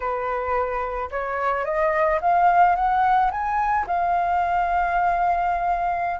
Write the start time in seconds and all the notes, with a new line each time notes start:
0.00 B4
1.10 C#5
1.64 D#5
2.21 F5
2.75 F#5
3.31 G#5
3.86 F5